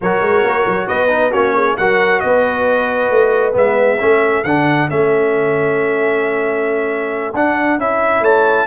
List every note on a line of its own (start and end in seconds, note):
0.01 0.21 F#3
0.01 1.08 F#4
0.01 0.87 A#4
0.01 0.87 C#5
0.21 0.43 G#3
0.43 0.66 A#3
0.66 0.88 F#3
0.87 1.33 B3
0.87 1.31 B4
0.87 1.32 D#5
1.08 1.30 D#4
1.31 1.78 A#3
1.31 1.77 C#4
1.31 1.53 F#4
1.31 1.76 C#5
1.54 1.77 G#4
1.77 2.23 F#3
1.77 3.52 F#4
1.77 2.24 A#4
1.77 2.20 F#5
2.20 3.10 B3
2.20 4.00 B4
2.20 3.53 D#5
3.10 3.55 A3
3.52 4.00 G#3
3.52 3.97 B3
3.52 4.44 E5
3.99 4.44 A3
3.99 4.44 C#4
3.99 8.22 A4
4.44 4.89 D3
4.44 4.89 D4
4.44 4.88 F#5
4.89 7.34 A3
4.89 7.33 C#4
4.89 7.34 E5
7.34 7.78 D4
7.34 7.79 D4
7.34 7.79 F#5
7.78 8.21 C#4
7.78 8.66 E4
7.78 8.24 E5
8.21 8.65 A3
8.21 8.66 C#5
8.21 8.66 A5